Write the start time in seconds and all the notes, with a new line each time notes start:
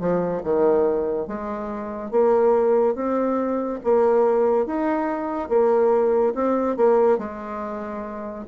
0.00 F3
0.44 D#3
1.28 G#3
2.11 A#3
2.95 C4
3.84 A#3
4.66 D#4
5.49 A#3
6.35 C4
6.77 A#3
7.19 G#3